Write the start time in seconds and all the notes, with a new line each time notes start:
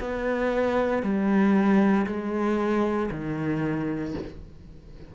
0.00 B3
1.03 G3
2.06 G#3
3.11 D#3